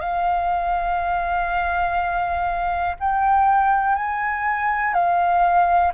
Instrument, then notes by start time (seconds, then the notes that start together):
flute
0.00 F5
3.00 G5
3.96 G#5
4.94 F5